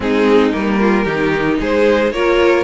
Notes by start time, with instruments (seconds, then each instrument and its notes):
0.00 cello G#3, viola C4, violin D#4 G#4
0.51 cello G3, viola A#3, violin A#4
0.80 violin F4
1.04 cello D#3, viola D#4, violin G4
1.60 cello G#3, violin G#4 C5
2.12 cello A#3, viola F4, violin A#4 C#5